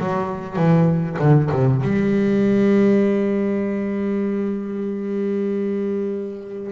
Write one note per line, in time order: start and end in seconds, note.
0.00 0.56 F#3
0.56 1.18 E3
1.20 1.50 D3
1.52 1.83 C3
1.83 6.72 G3